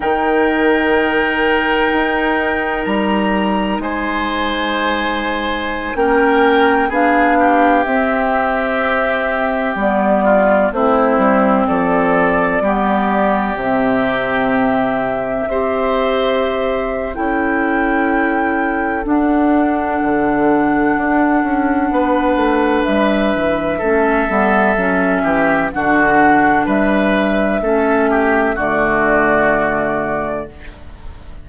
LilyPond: <<
  \new Staff \with { instrumentName = "flute" } { \time 4/4 \tempo 4 = 63 g''2. ais''4 | gis''2~ gis''16 g''4 f''8.~ | f''16 e''2 d''4 c''8.~ | c''16 d''2 e''4.~ e''16~ |
e''2 g''2 | fis''1 | e''2. fis''4 | e''2 d''2 | }
  \new Staff \with { instrumentName = "oboe" } { \time 4/4 ais'1 | c''2~ c''16 ais'4 gis'8 g'16~ | g'2~ g'8. f'8 e'8.~ | e'16 a'4 g'2~ g'8.~ |
g'16 c''4.~ c''16 a'2~ | a'2. b'4~ | b'4 a'4. g'8 fis'4 | b'4 a'8 g'8 fis'2 | }
  \new Staff \with { instrumentName = "clarinet" } { \time 4/4 dis'1~ | dis'2~ dis'16 cis'4 d'8.~ | d'16 c'2 b4 c'8.~ | c'4~ c'16 b4 c'4.~ c'16~ |
c'16 g'4.~ g'16 e'2 | d'1~ | d'4 cis'8 b8 cis'4 d'4~ | d'4 cis'4 a2 | }
  \new Staff \with { instrumentName = "bassoon" } { \time 4/4 dis2 dis'4 g4 | gis2~ gis16 ais4 b8.~ | b16 c'2 g4 a8 g16~ | g16 f4 g4 c4.~ c16~ |
c16 c'4.~ c'16 cis'2 | d'4 d4 d'8 cis'8 b8 a8 | g8 e8 a8 g8 fis8 e8 d4 | g4 a4 d2 | }
>>